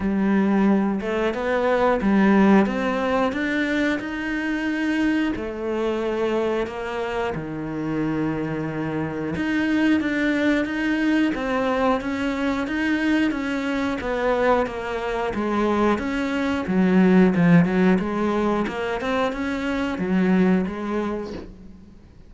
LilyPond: \new Staff \with { instrumentName = "cello" } { \time 4/4 \tempo 4 = 90 g4. a8 b4 g4 | c'4 d'4 dis'2 | a2 ais4 dis4~ | dis2 dis'4 d'4 |
dis'4 c'4 cis'4 dis'4 | cis'4 b4 ais4 gis4 | cis'4 fis4 f8 fis8 gis4 | ais8 c'8 cis'4 fis4 gis4 | }